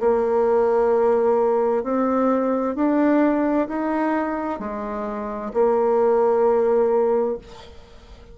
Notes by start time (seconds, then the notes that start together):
0.00 A#3
1.83 C4
2.76 D4
3.68 D#4
4.59 G#3
5.53 A#3